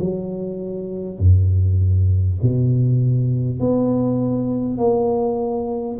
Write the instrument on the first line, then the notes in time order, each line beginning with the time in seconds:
tuba
0.00 F#3
1.18 F#2
2.42 B2
3.59 B3
4.78 A#3